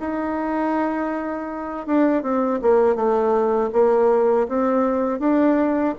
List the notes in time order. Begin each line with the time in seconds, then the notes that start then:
0.00 D#4
1.87 D4
2.23 C4
2.62 A#3
2.96 A3
3.73 A#3
4.48 C4
5.20 D4